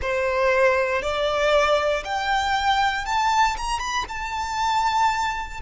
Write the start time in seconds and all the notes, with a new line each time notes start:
0.01 C5
1.02 D5
2.04 G5
3.05 A5
3.57 A#5
3.79 B5
4.08 A5